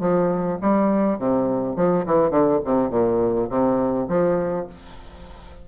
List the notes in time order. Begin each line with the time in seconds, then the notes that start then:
0.00 F3
0.61 G3
1.18 C3
1.76 F3
2.06 E3
2.30 D3
2.65 C3
2.90 A#2
3.49 C3
4.08 F3